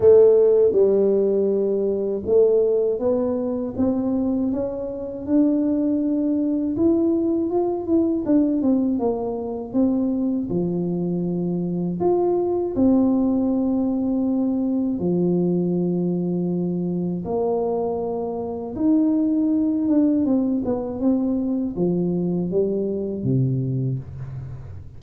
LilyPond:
\new Staff \with { instrumentName = "tuba" } { \time 4/4 \tempo 4 = 80 a4 g2 a4 | b4 c'4 cis'4 d'4~ | d'4 e'4 f'8 e'8 d'8 c'8 | ais4 c'4 f2 |
f'4 c'2. | f2. ais4~ | ais4 dis'4. d'8 c'8 b8 | c'4 f4 g4 c4 | }